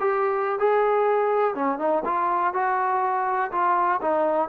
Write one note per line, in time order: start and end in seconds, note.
0.00 0.59 G4
0.59 1.55 G#4
1.55 1.78 C#4
1.78 2.03 D#4
2.05 2.53 F4
2.53 3.51 F#4
3.52 4.00 F4
4.01 4.49 D#4